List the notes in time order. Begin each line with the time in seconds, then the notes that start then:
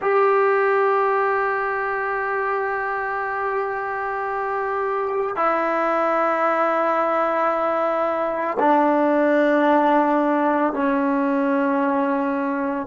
0.01 G4
5.36 E4
8.59 D4
10.73 C#4